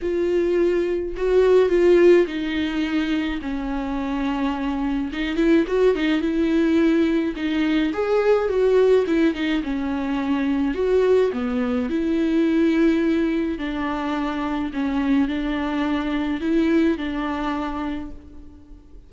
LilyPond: \new Staff \with { instrumentName = "viola" } { \time 4/4 \tempo 4 = 106 f'2 fis'4 f'4 | dis'2 cis'2~ | cis'4 dis'8 e'8 fis'8 dis'8 e'4~ | e'4 dis'4 gis'4 fis'4 |
e'8 dis'8 cis'2 fis'4 | b4 e'2. | d'2 cis'4 d'4~ | d'4 e'4 d'2 | }